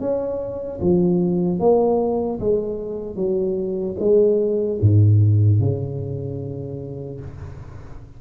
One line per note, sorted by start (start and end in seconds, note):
0.00 0.80 C#4
0.81 1.59 F3
1.59 2.39 A#3
2.40 3.16 G#3
3.16 3.96 F#3
3.99 4.79 G#3
4.81 5.60 G#2
5.60 7.20 C#3